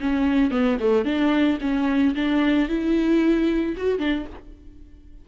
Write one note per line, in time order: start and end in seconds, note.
0.00 0.51 C#4
0.51 0.77 B3
0.80 1.04 A3
1.04 1.58 D4
1.61 2.15 C#4
2.15 2.68 D4
2.68 3.75 E4
3.76 3.98 F#4
3.98 4.25 D4